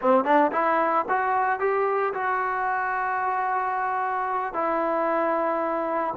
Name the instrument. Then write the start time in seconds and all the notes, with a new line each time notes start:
trombone
0.01 C4
0.24 D4
0.52 E4
1.09 F#4
1.59 G4
2.13 F#4
4.53 E4